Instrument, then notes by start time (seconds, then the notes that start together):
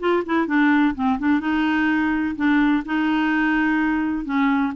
clarinet
0.00 F4
0.26 E4
0.47 D4
0.95 C4
1.19 D4
1.40 D#4
2.36 D4
2.85 D#4
4.25 C#4